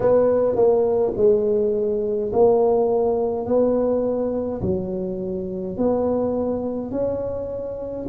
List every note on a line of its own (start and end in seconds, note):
0.00 0.55 B3
0.55 1.13 A#3
1.16 2.31 G#3
2.32 3.46 A#3
3.46 4.61 B3
4.62 5.77 F#3
5.77 6.91 B3
6.91 8.06 C#4